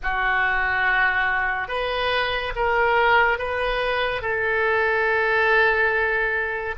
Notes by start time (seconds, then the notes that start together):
0.02 F#4
1.68 B4
2.55 A#4
3.38 B4
4.21 A4